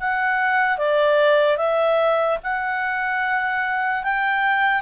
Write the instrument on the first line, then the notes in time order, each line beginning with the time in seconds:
clarinet
0.00 F#5
0.78 D5
1.57 E5
2.43 F#5
4.03 G5